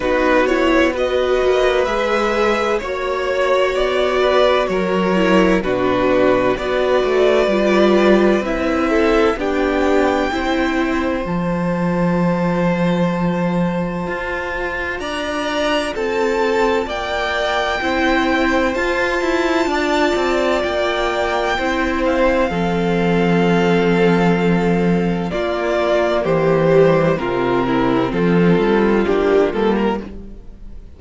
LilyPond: <<
  \new Staff \with { instrumentName = "violin" } { \time 4/4 \tempo 4 = 64 b'8 cis''8 dis''4 e''4 cis''4 | d''4 cis''4 b'4 d''4~ | d''4 e''4 g''2 | a''1 |
ais''4 a''4 g''2 | a''2 g''4. f''8~ | f''2. d''4 | c''4 ais'4 a'4 g'8 a'16 ais'16 | }
  \new Staff \with { instrumentName = "violin" } { \time 4/4 fis'4 b'2 cis''4~ | cis''8 b'8 ais'4 fis'4 b'4~ | b'4. a'8 g'4 c''4~ | c''1 |
d''4 a'4 d''4 c''4~ | c''4 d''2 c''4 | a'2. f'4 | g'4 f'8 e'8 f'2 | }
  \new Staff \with { instrumentName = "viola" } { \time 4/4 dis'8 e'8 fis'4 gis'4 fis'4~ | fis'4. e'8 d'4 fis'4 | f'4 e'4 d'4 e'4 | f'1~ |
f'2. e'4 | f'2. e'4 | c'2. ais4~ | ais8 g8 c'2 d'8 ais8 | }
  \new Staff \with { instrumentName = "cello" } { \time 4/4 b4. ais8 gis4 ais4 | b4 fis4 b,4 b8 a8 | g4 c'4 b4 c'4 | f2. f'4 |
d'4 c'4 ais4 c'4 | f'8 e'8 d'8 c'8 ais4 c'4 | f2. ais4 | e4 c4 f8 g8 ais8 g8 | }
>>